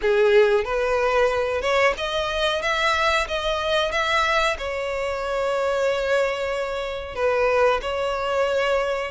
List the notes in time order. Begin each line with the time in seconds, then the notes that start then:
0.01 G#4
0.64 B4
1.61 C#5
1.97 D#5
2.62 E5
3.27 D#5
3.91 E5
4.57 C#5
7.15 B4
7.81 C#5